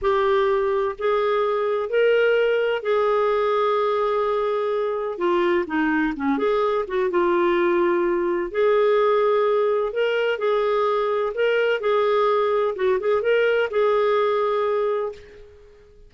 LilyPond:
\new Staff \with { instrumentName = "clarinet" } { \time 4/4 \tempo 4 = 127 g'2 gis'2 | ais'2 gis'2~ | gis'2. f'4 | dis'4 cis'8 gis'4 fis'8 f'4~ |
f'2 gis'2~ | gis'4 ais'4 gis'2 | ais'4 gis'2 fis'8 gis'8 | ais'4 gis'2. | }